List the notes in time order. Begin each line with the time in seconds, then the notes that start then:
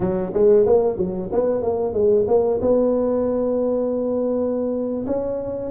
0.00 F#3
0.33 G#3
0.66 A#3
0.97 F#3
1.32 B3
1.61 A#3
1.93 G#3
2.27 A#3
2.61 B3
5.06 C#4